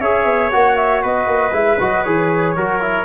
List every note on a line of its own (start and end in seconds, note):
0.00 0.25 C#4
0.00 0.52 G#4
0.00 1.02 C#5
0.00 0.51 E5
0.25 0.50 B3
0.51 1.04 A#3
0.51 1.52 F#4
0.51 0.76 F#5
0.76 1.02 E5
1.02 1.26 B3
1.02 2.55 B4
1.02 1.55 D#5
1.26 1.52 A#3
1.52 1.78 G#3
1.52 1.77 E4
1.52 1.80 E5
1.80 2.06 F#3
1.80 2.05 F#4
1.80 2.03 D#5
2.03 2.56 E3
2.03 2.56 G#4
2.03 3.05 C#5
2.56 3.05 F#3
2.56 2.81 F#4
2.56 3.05 A#4
2.81 3.05 E4